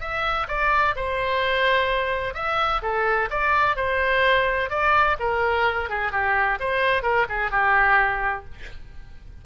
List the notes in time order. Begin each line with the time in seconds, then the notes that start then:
0.00 E5
0.48 D5
0.95 C5
2.34 E5
2.82 A4
3.30 D5
3.76 C5
4.70 D5
5.19 A#4
5.89 G#4
6.12 G4
6.60 C5
7.02 A#4
7.29 G#4
7.51 G4